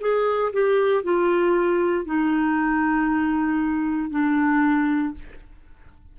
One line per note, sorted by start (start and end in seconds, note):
0.00 0.52 G#4
0.53 1.03 G4
1.03 2.05 F4
2.05 4.10 D#4
4.10 5.13 D4